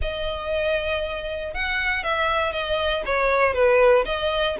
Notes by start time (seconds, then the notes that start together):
0.01 D#5
1.53 F#5
2.03 E5
2.52 D#5
3.05 C#5
3.53 B4
4.05 D#5